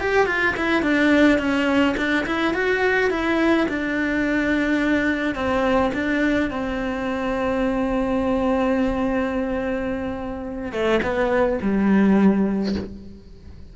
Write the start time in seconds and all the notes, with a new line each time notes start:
0.00 G4
0.26 F4
0.56 E4
0.82 D4
1.38 C#4
1.97 D4
2.26 E4
2.53 F#4
3.10 E4
3.68 D4
5.35 C4
5.94 D4
6.50 C4
10.72 A3
11.02 B3
11.61 G3